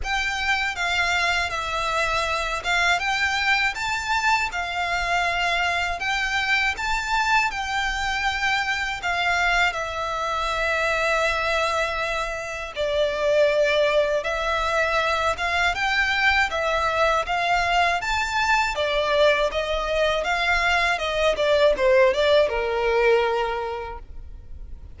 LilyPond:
\new Staff \with { instrumentName = "violin" } { \time 4/4 \tempo 4 = 80 g''4 f''4 e''4. f''8 | g''4 a''4 f''2 | g''4 a''4 g''2 | f''4 e''2.~ |
e''4 d''2 e''4~ | e''8 f''8 g''4 e''4 f''4 | a''4 d''4 dis''4 f''4 | dis''8 d''8 c''8 d''8 ais'2 | }